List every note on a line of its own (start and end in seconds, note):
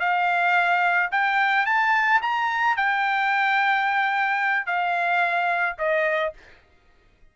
0.00 1.10 F5
1.12 1.66 G5
1.66 2.21 A5
2.22 2.77 A#5
2.77 4.66 G5
4.66 5.76 F5
5.78 6.33 D#5